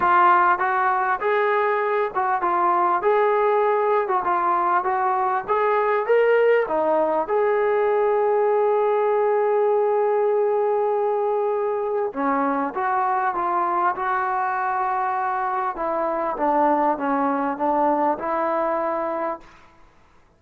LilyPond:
\new Staff \with { instrumentName = "trombone" } { \time 4/4 \tempo 4 = 99 f'4 fis'4 gis'4. fis'8 | f'4 gis'4.~ gis'16 fis'16 f'4 | fis'4 gis'4 ais'4 dis'4 | gis'1~ |
gis'1 | cis'4 fis'4 f'4 fis'4~ | fis'2 e'4 d'4 | cis'4 d'4 e'2 | }